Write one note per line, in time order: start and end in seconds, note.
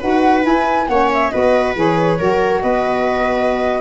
0.00 0.46 D#4
0.00 0.42 F#4
0.00 0.87 B4
0.00 0.44 F#5
0.42 0.85 E4
0.42 0.89 E4
0.42 0.88 G#5
0.88 1.32 A#3
0.88 1.32 C#4
0.88 1.32 C#5
0.88 1.10 F#5
1.13 1.30 E5
1.30 1.76 B3
1.30 1.75 F#4
1.30 2.19 B4
1.30 1.74 D#5
1.75 2.19 E3
1.75 2.18 G#4
1.75 2.62 C#5
2.19 2.63 F#3
2.19 3.81 F#4
2.19 2.63 A#4
2.62 3.81 B3
2.62 3.81 B4
2.62 3.81 D#5